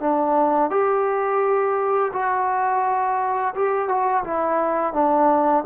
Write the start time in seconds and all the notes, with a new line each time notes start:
0.00 D4
0.70 G4
2.13 F#4
3.55 G4
3.89 F#4
4.24 E4
4.93 D4